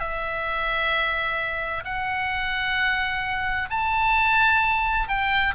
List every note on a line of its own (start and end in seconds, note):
0.00 1.85 E5
1.85 3.70 F#5
3.70 5.09 A5
5.09 5.55 G5